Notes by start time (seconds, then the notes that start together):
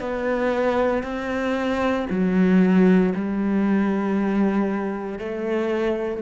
0.00 B3
1.03 C4
2.10 F#3
3.15 G3
5.19 A3